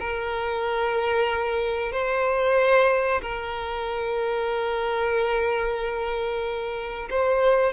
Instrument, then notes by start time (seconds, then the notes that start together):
violin
0.00 A#4
1.92 C5
3.22 A#4
7.10 C5